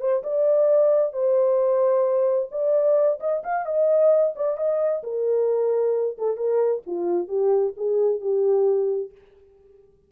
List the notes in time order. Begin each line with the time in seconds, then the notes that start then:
0.00 C5
0.23 D5
1.13 C5
2.51 D5
3.20 D#5
3.43 F5
3.65 D#5
4.36 D5
4.57 D#5
5.03 A#4
6.18 A4
6.36 A#4
6.86 F4
7.28 G4
7.77 G#4
8.20 G4